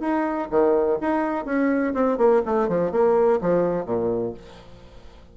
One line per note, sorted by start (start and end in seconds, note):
0.00 0.48 D#4
0.51 0.99 D#3
1.01 1.45 D#4
1.45 1.94 C#4
1.94 2.18 C4
2.18 2.42 A#3
2.46 2.68 A3
2.68 2.92 F3
2.92 3.40 A#3
3.41 3.85 F3
3.85 4.34 A#2